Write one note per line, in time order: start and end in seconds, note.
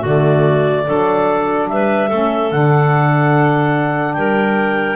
0.00 0.87 D3
0.00 0.85 A3
0.00 0.82 F#4
0.00 1.69 D5
0.86 1.70 F#3
0.86 2.09 D4
0.86 1.68 A4
1.69 2.11 G3
1.69 2.08 B4
1.69 2.51 E5
2.08 2.52 A3
2.08 2.52 C#4
2.08 4.14 A4
2.51 4.16 D3
2.51 4.96 D4
2.51 4.13 F#5
4.13 4.96 G3
4.13 4.96 A#4
4.13 4.96 G5